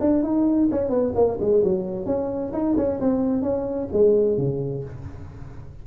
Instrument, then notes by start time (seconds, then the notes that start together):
tuba
0.00 D4
0.23 D#4
0.71 C#4
0.89 B3
1.15 A#3
1.40 G#3
1.63 F#3
2.06 C#4
2.53 D#4
2.77 C#4
3.00 C4
3.42 C#4
3.92 G#3
4.37 C#3